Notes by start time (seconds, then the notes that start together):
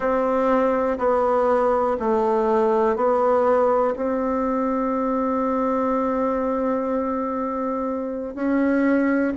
0.00 C4
0.98 B3
1.99 A3
2.96 B3
3.96 C4
8.34 C#4